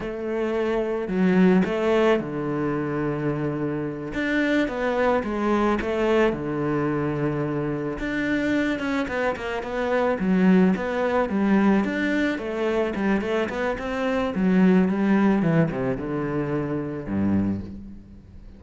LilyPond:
\new Staff \with { instrumentName = "cello" } { \time 4/4 \tempo 4 = 109 a2 fis4 a4 | d2.~ d8 d'8~ | d'8 b4 gis4 a4 d8~ | d2~ d8 d'4. |
cis'8 b8 ais8 b4 fis4 b8~ | b8 g4 d'4 a4 g8 | a8 b8 c'4 fis4 g4 | e8 c8 d2 g,4 | }